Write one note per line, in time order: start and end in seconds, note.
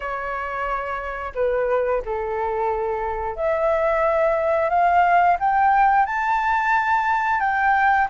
0.00 1.32 C#5
1.35 2.02 B4
2.05 3.36 A4
3.36 4.69 E5
4.69 5.37 F5
5.39 6.06 G5
6.06 7.40 A5
7.40 8.07 G5